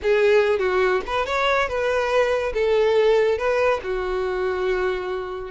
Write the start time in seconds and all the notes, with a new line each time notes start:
0.02 G#4
0.59 F#4
1.06 B4
1.26 C#5
1.68 B4
2.53 A4
3.38 B4
3.83 F#4